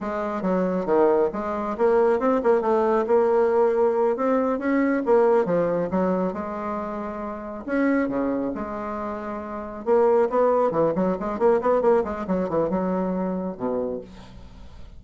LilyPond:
\new Staff \with { instrumentName = "bassoon" } { \time 4/4 \tempo 4 = 137 gis4 fis4 dis4 gis4 | ais4 c'8 ais8 a4 ais4~ | ais4. c'4 cis'4 ais8~ | ais8 f4 fis4 gis4.~ |
gis4. cis'4 cis4 gis8~ | gis2~ gis8 ais4 b8~ | b8 e8 fis8 gis8 ais8 b8 ais8 gis8 | fis8 e8 fis2 b,4 | }